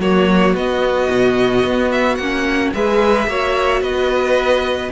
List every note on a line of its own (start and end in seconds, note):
0.00 0.54 F#3
0.00 0.57 A#3
0.00 2.74 F#4
0.00 0.56 C#5
0.54 1.09 B3
0.54 2.21 B3
0.54 1.92 D#5
1.11 1.65 B2
1.65 2.19 B3
1.92 2.16 E5
2.16 2.74 A#3
2.16 2.75 C#4
2.16 2.70 F#5
2.75 3.27 G#3
2.75 3.29 G#4
2.75 3.29 B4
2.75 3.83 E5
3.27 3.82 A#3
3.27 4.92 F#4
3.27 3.82 C#5
3.82 4.91 B3
3.82 4.91 B4
3.82 4.92 D#5